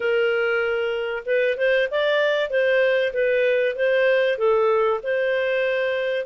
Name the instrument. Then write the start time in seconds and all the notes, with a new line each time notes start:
clarinet
0.00 A#4
1.25 B4
1.57 C5
1.90 D5
2.50 C5
3.13 B4
3.75 C5
4.38 A4
5.03 C5